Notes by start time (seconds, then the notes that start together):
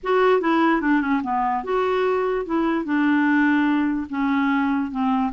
0.03 F#4
0.41 E4
0.81 D4
1.01 C#4
1.23 B3
1.63 F#4
2.45 E4
2.85 D4
4.09 C#4
4.91 C4